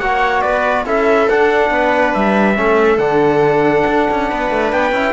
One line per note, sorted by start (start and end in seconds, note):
0.00 0.43 A#3
0.00 0.86 F#4
0.00 0.42 C#5
0.00 0.42 F#5
0.42 0.86 B3
0.42 0.85 B4
0.42 0.85 D5
0.86 1.29 C#4
0.86 1.29 E4
0.86 1.72 A4
0.86 1.29 E5
1.29 2.56 D4
1.29 1.70 D4
1.29 2.14 F#5
1.70 2.13 B3
1.70 2.58 B4
2.14 2.59 G3
2.14 2.98 E5
2.56 2.98 A3
2.56 2.99 C#4
2.56 4.30 A4
2.98 3.84 D3
2.98 4.93 D4
2.98 4.70 F#5
3.88 4.09 D4
4.11 4.32 C#4
4.30 4.51 B3
4.30 5.14 B4
4.51 4.73 A3
4.72 4.92 B3
4.72 5.14 G5
4.92 5.13 C#4
4.92 5.14 E4